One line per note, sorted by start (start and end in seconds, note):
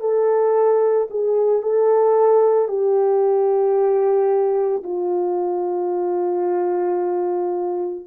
0.00 1.07 A4
1.10 1.62 G#4
1.62 2.68 A4
2.68 4.83 G4
4.83 8.05 F4